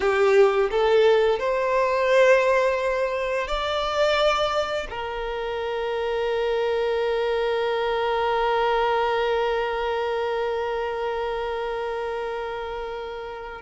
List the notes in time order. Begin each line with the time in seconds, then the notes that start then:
0.00 G4
0.70 A4
1.39 C5
3.47 D5
4.90 A#4